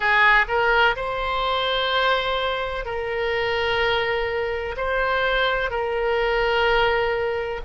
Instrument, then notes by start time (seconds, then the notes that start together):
oboe
0.00 G#4
0.48 A#4
0.95 C5
2.85 A#4
4.76 C5
5.70 A#4